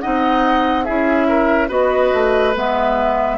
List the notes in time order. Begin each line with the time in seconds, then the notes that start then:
0.00 C4 D#4 D#5 F#5
0.84 C#4 E4 G#4 E5
1.29 A#4
1.68 B3 F#4 B4 D#5
2.13 A3
2.55 G#3 B3 E5